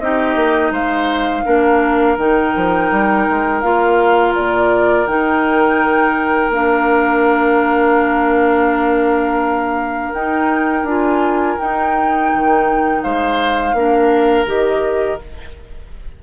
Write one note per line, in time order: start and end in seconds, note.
0.00 0.36 C4
0.00 1.46 D#4
0.00 0.73 G4
0.00 0.73 D#5
0.36 0.71 A#3
0.71 1.44 G#3
0.71 1.45 C5
0.71 2.19 F5
1.46 2.18 A#3
1.46 2.18 D4
1.46 13.02 A#4
2.18 2.54 D#3
2.18 3.63 D#4
2.18 3.62 G5
2.57 2.92 F3
2.92 3.28 G3
3.30 3.63 G#3
3.62 4.35 A#3
3.62 5.08 F4
3.62 4.34 F5
4.35 5.07 A#2
4.35 5.07 D5
5.07 6.50 D#3
5.07 6.53 D#4
5.07 6.52 G5
6.50 10.11 A#3
6.50 10.15 D4
6.50 10.14 F5
10.14 10.84 D#4
10.14 10.88 D#4
10.14 10.86 G5
10.84 11.56 D4
10.84 11.58 F4
10.84 11.59 G#5
11.58 13.75 D#4
11.58 12.33 D#4
11.58 13.02 G5
12.34 13.05 D#3
13.02 13.74 G#3
13.02 13.76 C5
13.02 14.47 F5
13.74 14.46 A#3
13.74 14.47 D4
13.74 15.24 A#4
14.46 15.18 D#3
14.46 15.19 G4
14.46 15.20 D#5